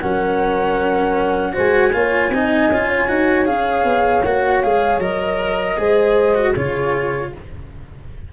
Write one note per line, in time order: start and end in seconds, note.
0.00 1.56 F#3
0.00 1.53 C#4
0.00 1.53 A#4
0.00 1.54 F#5
1.53 1.93 G#3
1.53 1.91 F#4
1.53 1.92 C5
1.53 3.46 G#5
1.93 2.29 A#3
1.93 2.31 F4
1.93 2.33 C#5
2.29 2.68 C4
2.29 2.72 D#4
2.29 2.88 D#5
2.70 3.08 C#4
2.70 3.08 F4
2.88 5.77 C#5
3.08 3.47 D#4
3.08 3.45 F#4
3.45 3.84 C#4
3.45 4.22 G#4
3.45 4.23 F5
3.84 4.22 B3
4.23 4.63 A#3
4.23 4.63 F#4
4.23 4.61 F#5
4.61 4.98 G#3
4.61 5.01 G#4
4.61 5.00 F5
4.98 5.75 F#3
4.98 5.77 A#4
4.98 6.54 D#5
5.77 6.55 G#3
5.77 6.35 G#4
5.77 6.52 C5
6.35 6.54 F#4
6.52 7.33 C#3
6.52 7.33 F4
6.52 7.29 G#4
6.52 7.32 C#5